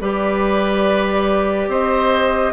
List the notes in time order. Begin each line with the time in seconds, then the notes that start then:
0.00 G3 G4 B4 D5
1.68 C4 C5 D#5